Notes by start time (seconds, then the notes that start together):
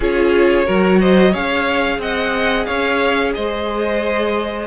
0.00 C#4 F4 G#4 C#5
0.65 F#3 F#4 A#4
0.99 C5 D#5
1.31 C#4 G#4 C#5 F5
1.98 C4 D#5 F#5
2.65 C#4 C#5 F5
3.34 G#3 C5 D#5